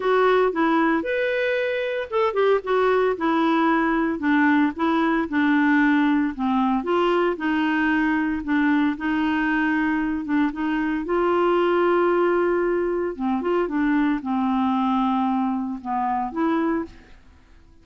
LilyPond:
\new Staff \with { instrumentName = "clarinet" } { \time 4/4 \tempo 4 = 114 fis'4 e'4 b'2 | a'8 g'8 fis'4 e'2 | d'4 e'4 d'2 | c'4 f'4 dis'2 |
d'4 dis'2~ dis'8 d'8 | dis'4 f'2.~ | f'4 c'8 f'8 d'4 c'4~ | c'2 b4 e'4 | }